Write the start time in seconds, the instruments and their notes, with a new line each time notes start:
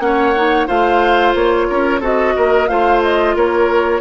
0.00 bassoon A#3, clarinet C#4, oboe C#5, flute F#5
0.36 clarinet D#4
0.67 bassoon A3, clarinet F4, oboe C5, flute F5
1.35 bassoon A#3, flute C#5
1.70 bassoon C#4, oboe A#4
2.01 bassoon C4, clarinet F#4, oboe A4, flute D#5
2.36 bassoon A#3, oboe A#4
2.68 bassoon A3, clarinet F4, oboe C5, flute F5
3.03 flute D#5
3.35 bassoon A#3, oboe A#4, flute C#5